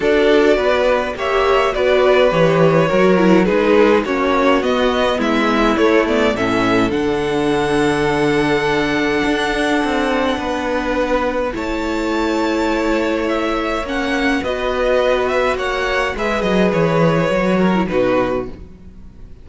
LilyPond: <<
  \new Staff \with { instrumentName = "violin" } { \time 4/4 \tempo 4 = 104 d''2 e''4 d''4 | cis''2 b'4 cis''4 | dis''4 e''4 cis''8 d''8 e''4 | fis''1~ |
fis''1 | a''2. e''4 | fis''4 dis''4. e''8 fis''4 | e''8 dis''8 cis''2 b'4 | }
  \new Staff \with { instrumentName = "violin" } { \time 4/4 a'4 b'4 cis''4 b'4~ | b'4 ais'4 gis'4 fis'4~ | fis'4 e'2 a'4~ | a'1~ |
a'2 b'2 | cis''1~ | cis''4 b'2 cis''4 | b'2~ b'8 ais'8 fis'4 | }
  \new Staff \with { instrumentName = "viola" } { \time 4/4 fis'2 g'4 fis'4 | g'4 fis'8 e'8 dis'4 cis'4 | b2 a8 b8 cis'4 | d'1~ |
d'1 | e'1 | cis'4 fis'2. | gis'2 fis'8. e'16 dis'4 | }
  \new Staff \with { instrumentName = "cello" } { \time 4/4 d'4 b4 ais4 b4 | e4 fis4 gis4 ais4 | b4 gis4 a4 a,4 | d1 |
d'4 c'4 b2 | a1 | ais4 b2 ais4 | gis8 fis8 e4 fis4 b,4 | }
>>